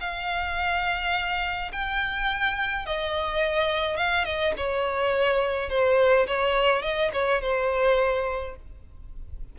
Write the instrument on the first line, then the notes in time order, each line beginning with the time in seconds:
violin
0.00 F5
1.72 G5
2.86 D#5
3.97 F5
4.25 D#5
4.57 C#5
5.69 C5
6.27 C#5
6.82 D#5
7.13 C#5
7.41 C5